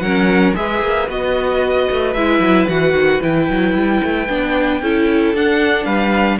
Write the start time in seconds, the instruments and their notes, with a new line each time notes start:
0.00 cello F#3, viola C#4, violin A#4 F#5
0.55 cello G#3, viola G#4, violin B4 E5
0.82 cello A#3
1.09 cello B3, viola F#4, violin D#5
1.91 cello A3
2.14 cello G#3, viola E4, violin E5
2.40 cello F#3
2.69 cello E3, viola F#4, violin F#5
2.94 cello D#3
3.22 cello E3, viola E4, violin G5
3.50 cello F#3
3.75 cello G3
4.04 cello A3
4.29 cello B3, viola D4
4.82 cello C#4, viola E4, violin A4
5.34 cello D4, viola D4, violin F#5
5.85 cello G3, violin B4 F5